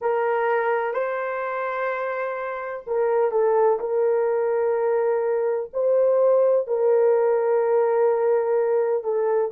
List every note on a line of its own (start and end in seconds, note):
0.01 0.93 A#4
0.93 2.84 C5
2.86 3.31 A#4
3.31 3.78 A4
3.79 5.70 A#4
5.73 6.67 C5
6.67 9.03 A#4
9.03 9.51 A4